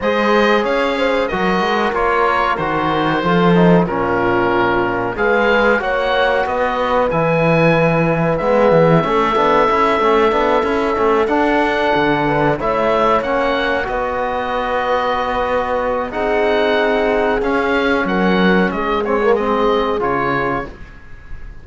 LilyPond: <<
  \new Staff \with { instrumentName = "oboe" } { \time 4/4 \tempo 4 = 93 dis''4 f''4 dis''4 cis''4 | c''2 ais'2 | f''4 fis''4 dis''4 gis''4~ | gis''4 e''2.~ |
e''4. fis''2 e''8~ | e''8 fis''4 dis''2~ dis''8~ | dis''4 fis''2 f''4 | fis''4 dis''8 cis''8 dis''4 cis''4 | }
  \new Staff \with { instrumentName = "horn" } { \time 4/4 c''4 cis''8 c''8 ais'2~ | ais'4 a'4 f'2 | b'4 cis''4 b'2~ | b'4~ b'16 gis'8. a'2~ |
a'2. b'8 cis''8~ | cis''4. b'2~ b'8~ | b'4 gis'2. | ais'4 gis'2. | }
  \new Staff \with { instrumentName = "trombone" } { \time 4/4 gis'2 fis'4 f'4 | fis'4 f'8 dis'8 cis'2 | gis'4 fis'2 e'4~ | e'4 b4 cis'8 d'8 e'8 cis'8 |
d'8 e'8 cis'8 d'2 e'8~ | e'8 cis'4 fis'2~ fis'8~ | fis'4 dis'2 cis'4~ | cis'4. c'16 ais16 c'4 f'4 | }
  \new Staff \with { instrumentName = "cello" } { \time 4/4 gis4 cis'4 fis8 gis8 ais4 | dis4 f4 ais,2 | gis4 ais4 b4 e4~ | e4 gis8 e8 a8 b8 cis'8 a8 |
b8 cis'8 a8 d'4 d4 a8~ | a8 ais4 b2~ b8~ | b4 c'2 cis'4 | fis4 gis2 cis4 | }
>>